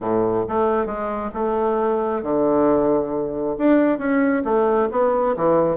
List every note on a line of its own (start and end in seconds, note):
0.00 0.45 A2
0.48 0.85 A3
0.85 1.30 G#3
1.34 2.22 A3
2.22 3.56 D3
3.58 3.98 D4
3.98 4.43 C#4
4.44 4.88 A3
4.91 5.35 B3
5.36 5.77 E3